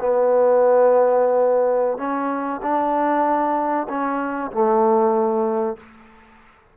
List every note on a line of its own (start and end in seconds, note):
0.00 1.98 B3
1.98 2.60 C#4
2.62 3.87 D4
3.89 4.51 C#4
4.52 5.77 A3